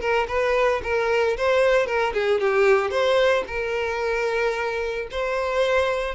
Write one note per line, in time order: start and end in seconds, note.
0.00 0.27 A#4
0.28 0.81 B4
0.83 1.36 A#4
1.37 1.86 C5
1.86 2.13 A#4
2.14 2.40 G#4
2.40 2.90 G4
2.90 3.44 C5
3.47 5.08 A#4
5.11 6.15 C5